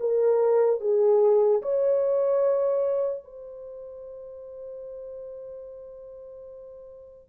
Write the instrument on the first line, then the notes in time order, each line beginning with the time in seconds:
horn
0.00 A#4
0.81 G#4
1.62 C#5
3.24 C5